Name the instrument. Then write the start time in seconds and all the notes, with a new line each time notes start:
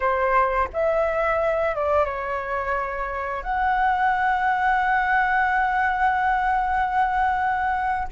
flute
0.00 C5
0.73 E5
1.75 D5
2.05 C#5
3.42 F#5